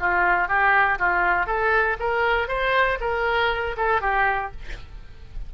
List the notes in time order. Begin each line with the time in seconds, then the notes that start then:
0.00 F4
0.48 G4
0.99 F4
1.46 A4
2.00 A#4
2.48 C5
3.00 A#4
3.77 A4
4.01 G4